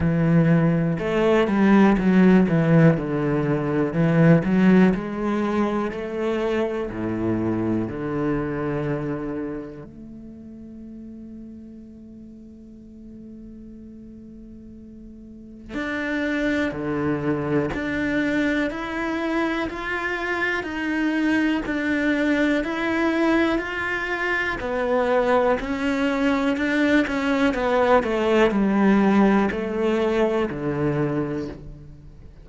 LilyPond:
\new Staff \with { instrumentName = "cello" } { \time 4/4 \tempo 4 = 61 e4 a8 g8 fis8 e8 d4 | e8 fis8 gis4 a4 a,4 | d2 a2~ | a1 |
d'4 d4 d'4 e'4 | f'4 dis'4 d'4 e'4 | f'4 b4 cis'4 d'8 cis'8 | b8 a8 g4 a4 d4 | }